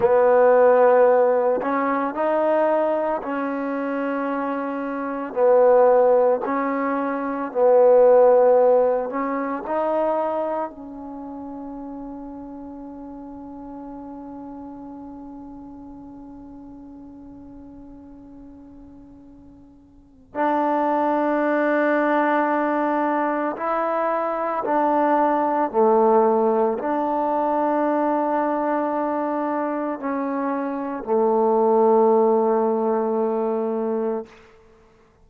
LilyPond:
\new Staff \with { instrumentName = "trombone" } { \time 4/4 \tempo 4 = 56 b4. cis'8 dis'4 cis'4~ | cis'4 b4 cis'4 b4~ | b8 cis'8 dis'4 cis'2~ | cis'1~ |
cis'2. d'4~ | d'2 e'4 d'4 | a4 d'2. | cis'4 a2. | }